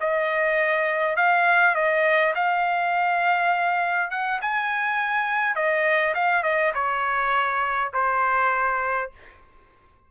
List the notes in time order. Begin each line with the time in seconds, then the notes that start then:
0.00 D#5
1.16 F5
1.75 D#5
2.34 F5
4.10 F#5
4.41 G#5
5.55 D#5
6.14 F5
6.43 D#5
6.74 C#5
7.93 C5